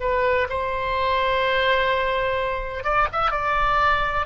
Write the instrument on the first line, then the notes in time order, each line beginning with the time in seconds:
oboe
0.00 B4
0.49 C5
2.84 D5
3.12 E5
3.31 D5